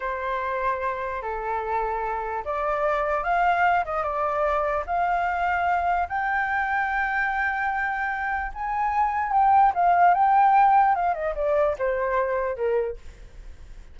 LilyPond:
\new Staff \with { instrumentName = "flute" } { \time 4/4 \tempo 4 = 148 c''2. a'4~ | a'2 d''2 | f''4. dis''8 d''2 | f''2. g''4~ |
g''1~ | g''4 gis''2 g''4 | f''4 g''2 f''8 dis''8 | d''4 c''2 ais'4 | }